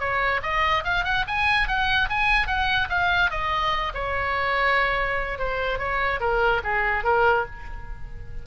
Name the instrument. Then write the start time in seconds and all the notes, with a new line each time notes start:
oboe
0.00 C#5
0.43 D#5
0.84 F5
1.04 F#5
1.28 G#5
1.68 F#5
2.10 G#5
2.47 F#5
2.90 F5
3.31 D#5
3.95 C#5
5.39 C5
5.79 C#5
6.20 A#4
6.64 G#4
7.04 A#4